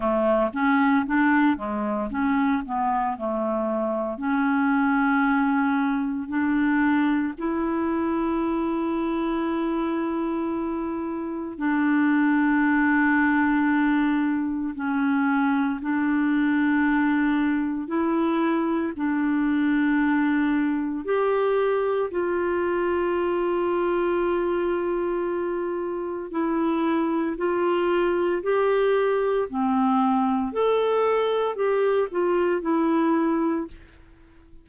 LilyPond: \new Staff \with { instrumentName = "clarinet" } { \time 4/4 \tempo 4 = 57 a8 cis'8 d'8 gis8 cis'8 b8 a4 | cis'2 d'4 e'4~ | e'2. d'4~ | d'2 cis'4 d'4~ |
d'4 e'4 d'2 | g'4 f'2.~ | f'4 e'4 f'4 g'4 | c'4 a'4 g'8 f'8 e'4 | }